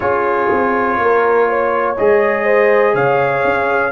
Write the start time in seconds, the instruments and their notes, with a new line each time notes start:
0.00 tuba C#4, trombone F4, horn G#4, trumpet C#5
0.51 tuba C4
0.98 tuba A#3, horn A#4
1.49 horn C#5
1.97 tuba G#3, trombone G#4, trumpet D#5
2.43 horn C5
2.94 tuba C#3, horn C#5, trumpet F5
3.44 tuba C#4